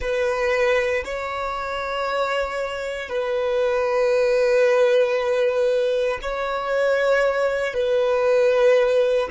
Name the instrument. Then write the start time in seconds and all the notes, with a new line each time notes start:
violin
0.00 B4
1.04 C#5
3.08 B4
6.22 C#5
7.73 B4